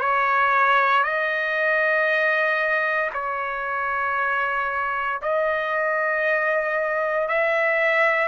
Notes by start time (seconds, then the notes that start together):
0.00 C#5
1.03 D#5
3.14 C#5
5.22 D#5
7.28 E5